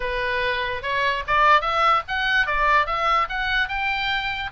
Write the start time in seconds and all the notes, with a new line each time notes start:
0.00 B4
0.82 C#5
1.27 D5
1.61 E5
2.08 F#5
2.46 D5
2.86 E5
3.29 F#5
3.68 G5